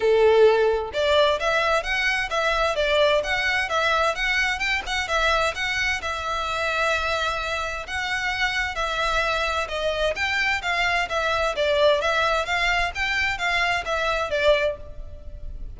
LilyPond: \new Staff \with { instrumentName = "violin" } { \time 4/4 \tempo 4 = 130 a'2 d''4 e''4 | fis''4 e''4 d''4 fis''4 | e''4 fis''4 g''8 fis''8 e''4 | fis''4 e''2.~ |
e''4 fis''2 e''4~ | e''4 dis''4 g''4 f''4 | e''4 d''4 e''4 f''4 | g''4 f''4 e''4 d''4 | }